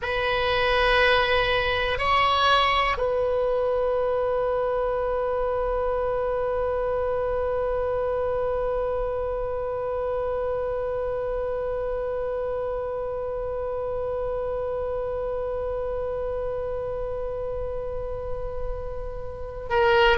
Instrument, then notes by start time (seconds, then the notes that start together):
oboe
0.02 B4
1.98 C#5
2.97 B4
19.69 A#4